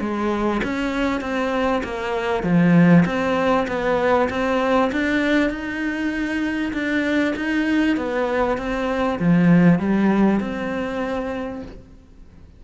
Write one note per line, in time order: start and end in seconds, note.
0.00 0.61 G#3
0.63 1.21 C#4
1.21 1.82 C4
1.84 2.43 A#3
2.43 3.04 F3
3.06 3.67 C4
3.68 4.29 B3
4.30 4.91 C4
4.92 5.50 D4
5.50 6.72 D#4
6.73 7.34 D4
7.36 7.97 D#4
7.97 8.57 B3
8.57 9.19 C4
9.19 9.79 F3
9.79 10.40 G3
10.40 11.62 C4